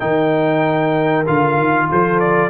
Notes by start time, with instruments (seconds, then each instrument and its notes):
0.00 tuba D#3, trombone D#4, horn A#4, trumpet G5
1.26 tuba D3, trombone F4, trumpet F5
1.57 tuba D#3
1.90 tuba F3, horn A4, trumpet C5
2.20 trumpet D5